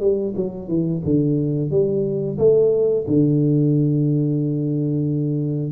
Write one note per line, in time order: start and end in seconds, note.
0.00 0.34 G3
0.36 0.68 F#3
0.68 1.01 E3
1.04 1.70 D3
1.70 2.37 G3
2.38 3.05 A3
3.07 5.72 D3